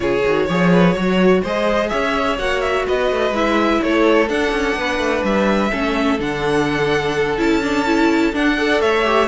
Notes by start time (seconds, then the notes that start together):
0.00 C#3 F4 G#4 C#5
0.25 D#3 F#4
0.46 F3 G#4 C#5
0.72 B4
0.94 F#3 F#4 C#5
1.42 G#3 G#4 C5 D#5
1.88 C#4 C#5 E5
2.37 A#3 F#4 F#5
2.61 E5
2.86 B3 B4 D#5
3.11 A3
3.30 G#3 E4 E5
3.82 A3 A4 C#5
4.27 D4 F#5
4.51 C#4
4.76 B3 B4
4.98 A3
5.23 G3 E5
5.70 A3 C#4 A4
6.19 D3 D4 F#5
7.37 C#4 E4 A5
7.62 D4
7.86 E4
8.32 D4 F#5
8.56 A4 D5
8.81 A3 C#5 E5
9.04 G4